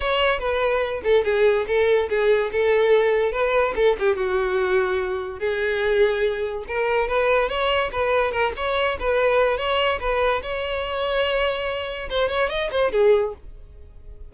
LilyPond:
\new Staff \with { instrumentName = "violin" } { \time 4/4 \tempo 4 = 144 cis''4 b'4. a'8 gis'4 | a'4 gis'4 a'2 | b'4 a'8 g'8 fis'2~ | fis'4 gis'2. |
ais'4 b'4 cis''4 b'4 | ais'8 cis''4 b'4. cis''4 | b'4 cis''2.~ | cis''4 c''8 cis''8 dis''8 c''8 gis'4 | }